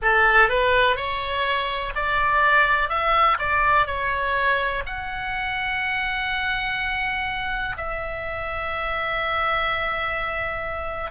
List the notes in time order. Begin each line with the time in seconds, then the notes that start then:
0.01 A4
0.49 B4
0.96 C#5
1.95 D5
2.89 E5
3.38 D5
3.86 C#5
4.86 F#5
7.77 E5